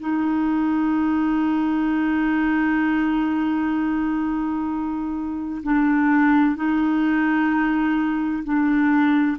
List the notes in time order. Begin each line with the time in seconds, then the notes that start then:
0.00 D#4
5.63 D4
6.56 D#4
8.44 D4